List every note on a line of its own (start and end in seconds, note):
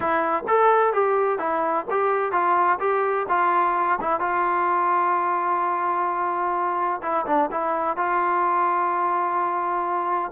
0.00 0.44 E4
0.47 0.93 A4
0.93 1.38 G4
1.38 1.85 E4
1.90 2.32 G4
2.32 2.78 F4
2.79 3.26 G4
3.28 3.99 F4
4.01 4.20 E4
4.20 7.01 F4
7.02 7.25 E4
7.26 7.50 D4
7.51 7.97 E4
7.97 10.31 F4